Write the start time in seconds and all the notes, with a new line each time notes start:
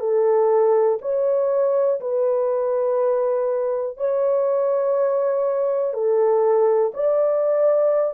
0.00 A4
1.02 C#5
2.01 B4
3.97 C#5
5.94 A4
6.94 D5